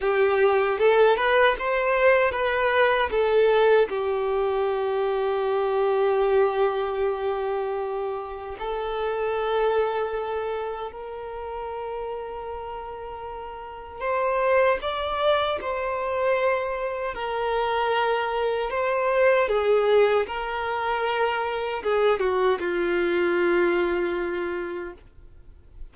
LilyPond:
\new Staff \with { instrumentName = "violin" } { \time 4/4 \tempo 4 = 77 g'4 a'8 b'8 c''4 b'4 | a'4 g'2.~ | g'2. a'4~ | a'2 ais'2~ |
ais'2 c''4 d''4 | c''2 ais'2 | c''4 gis'4 ais'2 | gis'8 fis'8 f'2. | }